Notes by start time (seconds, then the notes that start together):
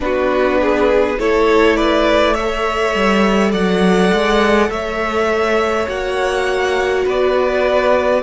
0.00 B3 D4 F#4 B4
0.60 G#4
1.19 A3 E4 A4 C#5
1.75 B4 D5
2.33 A4 C#5 E5
2.94 G3
3.51 F#3 D5 F#5
4.12 G#3
4.69 A3 C#5 E5
5.87 A#3 F#4 F#5
7.04 B3 B4 D5